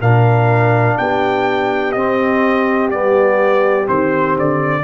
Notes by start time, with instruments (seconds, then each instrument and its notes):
0.00 tuba A#2, trombone D4, horn A#4, trumpet F5
0.97 tuba B3, horn G4, trumpet G5
1.92 trombone C4, tuba C4, trumpet D#5
2.90 tuba G3, trombone B3, trumpet D5
3.85 tuba D#3, trombone C4, trumpet C5
4.36 tuba D3, trumpet D5